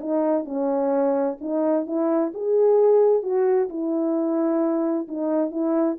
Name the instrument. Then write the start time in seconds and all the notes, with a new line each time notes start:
horn
0.00 D#4
0.45 C#4
1.41 D#4
1.86 E4
2.34 G#4
3.23 F#4
3.69 E4
5.08 D#4
5.51 E4